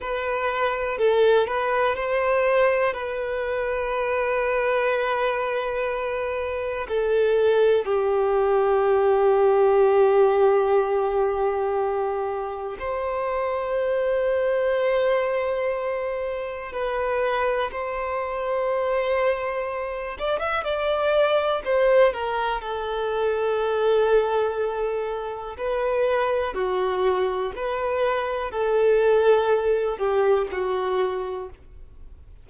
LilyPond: \new Staff \with { instrumentName = "violin" } { \time 4/4 \tempo 4 = 61 b'4 a'8 b'8 c''4 b'4~ | b'2. a'4 | g'1~ | g'4 c''2.~ |
c''4 b'4 c''2~ | c''8 d''16 e''16 d''4 c''8 ais'8 a'4~ | a'2 b'4 fis'4 | b'4 a'4. g'8 fis'4 | }